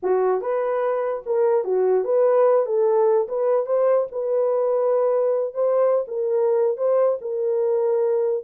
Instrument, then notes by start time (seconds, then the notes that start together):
horn
0.03 F#4
0.41 B4
1.25 A#4
1.64 F#4
2.04 B4
2.66 A4
3.28 B4
3.66 C5
4.11 B4
5.53 C5
6.07 A#4
6.77 C5
7.21 A#4